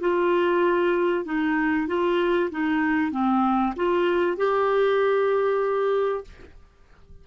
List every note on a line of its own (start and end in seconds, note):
0.00 1.25 F4
1.25 1.87 D#4
1.87 2.50 F4
2.51 3.11 D#4
3.11 3.74 C4
3.76 4.37 F4
4.37 6.24 G4